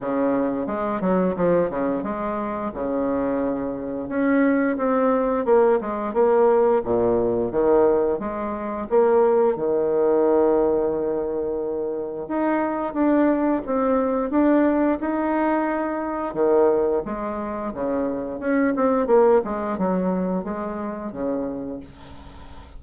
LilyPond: \new Staff \with { instrumentName = "bassoon" } { \time 4/4 \tempo 4 = 88 cis4 gis8 fis8 f8 cis8 gis4 | cis2 cis'4 c'4 | ais8 gis8 ais4 ais,4 dis4 | gis4 ais4 dis2~ |
dis2 dis'4 d'4 | c'4 d'4 dis'2 | dis4 gis4 cis4 cis'8 c'8 | ais8 gis8 fis4 gis4 cis4 | }